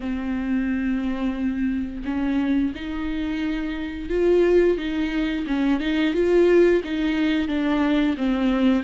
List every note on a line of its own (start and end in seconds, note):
0.00 2.02 C4
2.05 2.73 C#4
2.75 4.09 D#4
4.09 4.77 F4
4.77 5.45 D#4
5.46 5.80 C#4
5.80 6.14 D#4
6.14 6.82 F4
6.84 7.48 D#4
7.48 8.16 D4
8.17 8.83 C4